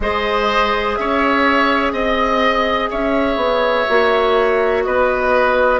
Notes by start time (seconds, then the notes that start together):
0.00 G#3 G#4 C5 D#5
0.96 C#4 C#5 E5
1.92 C4 D#5
2.90 C#4 C#5 E5
3.36 B3
3.88 A#3 F#4
4.84 B3 B4 D#5